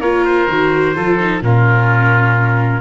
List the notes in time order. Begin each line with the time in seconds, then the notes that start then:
0.00 A#3 F4 A#4 C#5
0.25 C5
0.47 D#3 F#4
0.94 F3 F4 A4
1.19 D#4
1.42 A#2 C#4 F4 A#4